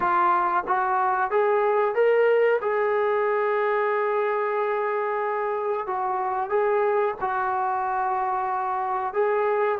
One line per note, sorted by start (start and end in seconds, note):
0.00 0.63 F4
0.67 1.30 F#4
1.30 1.94 G#4
1.94 2.60 A#4
2.61 5.86 G#4
5.86 6.49 F#4
6.49 7.14 G#4
7.20 9.13 F#4
9.13 9.79 G#4